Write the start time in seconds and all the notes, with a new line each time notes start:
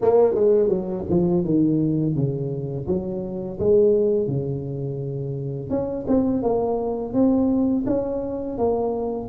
0.01 A#3
0.34 G#3
0.69 F#3
1.09 F3
1.44 D#3
2.15 C#3
2.87 F#3
3.59 G#3
4.27 C#3
5.69 C#4
6.07 C4
6.42 A#3
7.13 C4
7.86 C#4
8.57 A#3